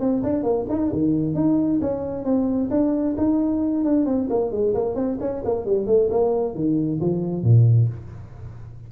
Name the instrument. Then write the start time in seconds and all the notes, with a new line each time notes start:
tuba
0.00 C4
0.23 D4
0.43 A#3
0.69 D#4
0.92 D#3
1.35 D#4
1.81 C#4
2.24 C4
2.70 D4
3.17 D#4
3.84 D4
4.06 C4
4.29 A#3
4.51 G#3
4.74 A#3
4.95 C4
5.20 C#4
5.44 A#3
5.65 G3
5.86 A3
6.10 A#3
6.55 D#3
7.00 F3
7.43 A#2